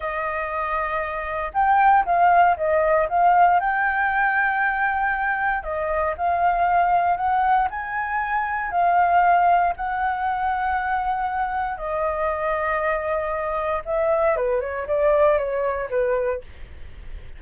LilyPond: \new Staff \with { instrumentName = "flute" } { \time 4/4 \tempo 4 = 117 dis''2. g''4 | f''4 dis''4 f''4 g''4~ | g''2. dis''4 | f''2 fis''4 gis''4~ |
gis''4 f''2 fis''4~ | fis''2. dis''4~ | dis''2. e''4 | b'8 cis''8 d''4 cis''4 b'4 | }